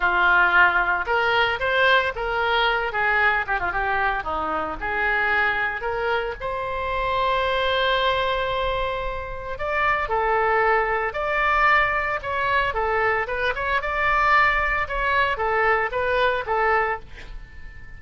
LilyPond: \new Staff \with { instrumentName = "oboe" } { \time 4/4 \tempo 4 = 113 f'2 ais'4 c''4 | ais'4. gis'4 g'16 f'16 g'4 | dis'4 gis'2 ais'4 | c''1~ |
c''2 d''4 a'4~ | a'4 d''2 cis''4 | a'4 b'8 cis''8 d''2 | cis''4 a'4 b'4 a'4 | }